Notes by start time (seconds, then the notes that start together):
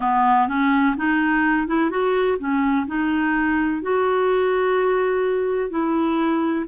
0.00 B3
0.48 C#4
0.97 D#4
1.67 E4
1.90 F#4
2.39 C#4
2.86 D#4
3.82 F#4
5.69 E4